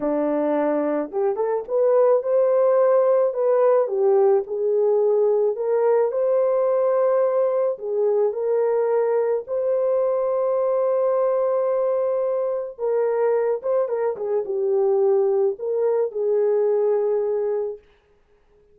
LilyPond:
\new Staff \with { instrumentName = "horn" } { \time 4/4 \tempo 4 = 108 d'2 g'8 a'8 b'4 | c''2 b'4 g'4 | gis'2 ais'4 c''4~ | c''2 gis'4 ais'4~ |
ais'4 c''2.~ | c''2. ais'4~ | ais'8 c''8 ais'8 gis'8 g'2 | ais'4 gis'2. | }